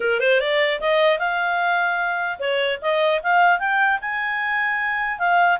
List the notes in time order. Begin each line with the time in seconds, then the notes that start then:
0.00 A#4
0.19 C5
0.39 D5
0.80 D#5
1.19 F5
2.39 C#5
2.81 D#5
3.22 F5
3.59 G5
4.01 G#5
5.18 F5